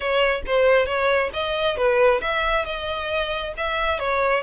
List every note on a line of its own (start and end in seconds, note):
0.00 0.42 C#5
0.46 0.86 C5
0.86 1.30 C#5
1.33 1.76 D#5
1.76 2.21 B4
2.21 2.65 E5
2.65 3.53 D#5
3.57 3.99 E5
3.99 4.43 C#5